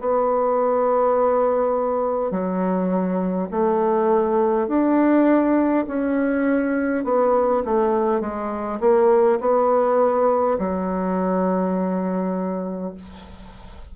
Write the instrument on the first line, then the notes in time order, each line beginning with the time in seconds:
bassoon
0.00 B3
2.30 F#3
3.51 A3
4.68 D4
5.87 C#4
7.04 B3
7.65 A3
8.20 G#3
8.80 A#3
9.40 B3
10.58 F#3